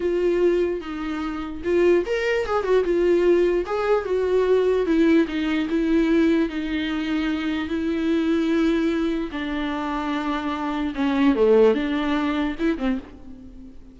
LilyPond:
\new Staff \with { instrumentName = "viola" } { \time 4/4 \tempo 4 = 148 f'2 dis'2 | f'4 ais'4 gis'8 fis'8 f'4~ | f'4 gis'4 fis'2 | e'4 dis'4 e'2 |
dis'2. e'4~ | e'2. d'4~ | d'2. cis'4 | a4 d'2 e'8 c'8 | }